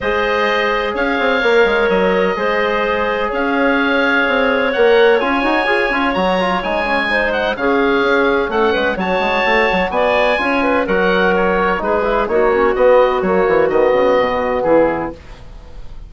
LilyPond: <<
  \new Staff \with { instrumentName = "oboe" } { \time 4/4 \tempo 4 = 127 dis''2 f''2 | dis''2. f''4~ | f''2 fis''4 gis''4~ | gis''4 ais''4 gis''4. fis''8 |
f''2 fis''4 a''4~ | a''4 gis''2 fis''4 | cis''4 b'4 cis''4 dis''4 | cis''4 dis''2 gis'4 | }
  \new Staff \with { instrumentName = "clarinet" } { \time 4/4 c''2 cis''2~ | cis''4 c''2 cis''4~ | cis''1~ | cis''2. c''4 |
gis'2 a'8 b'8 cis''4~ | cis''4 d''4 cis''8 b'8 ais'4~ | ais'4 gis'4 fis'2~ | fis'2. e'4 | }
  \new Staff \with { instrumentName = "trombone" } { \time 4/4 gis'2. ais'4~ | ais'4 gis'2.~ | gis'2 ais'4 f'8 fis'8 | gis'8 f'8 fis'8 f'8 dis'8 cis'8 dis'4 |
cis'2. fis'4~ | fis'2 f'4 fis'4~ | fis'4 dis'8 e'8 dis'8 cis'8 b4 | ais4 b2. | }
  \new Staff \with { instrumentName = "bassoon" } { \time 4/4 gis2 cis'8 c'8 ais8 gis8 | fis4 gis2 cis'4~ | cis'4 c'4 ais4 cis'8 dis'8 | f'8 cis'8 fis4 gis2 |
cis4 cis'4 a8 gis8 fis8 gis8 | a8 fis8 b4 cis'4 fis4~ | fis4 gis4 ais4 b4 | fis8 e8 dis8 cis8 b,4 e4 | }
>>